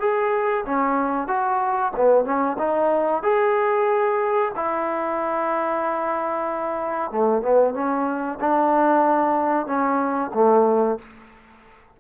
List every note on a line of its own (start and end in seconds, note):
0.00 0.65 G#4
0.66 1.28 C#4
1.28 1.92 F#4
1.96 2.25 B3
2.25 2.57 C#4
2.58 3.23 D#4
3.23 4.52 G#4
4.56 7.11 E4
7.11 7.42 A3
7.42 7.74 B3
7.74 8.39 C#4
8.40 9.66 D4
9.66 10.31 C#4
10.34 10.99 A3